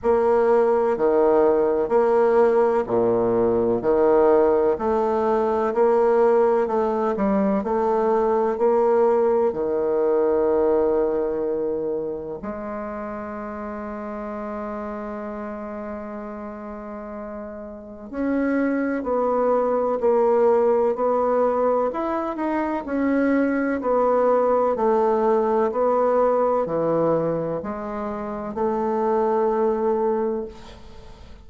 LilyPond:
\new Staff \with { instrumentName = "bassoon" } { \time 4/4 \tempo 4 = 63 ais4 dis4 ais4 ais,4 | dis4 a4 ais4 a8 g8 | a4 ais4 dis2~ | dis4 gis2.~ |
gis2. cis'4 | b4 ais4 b4 e'8 dis'8 | cis'4 b4 a4 b4 | e4 gis4 a2 | }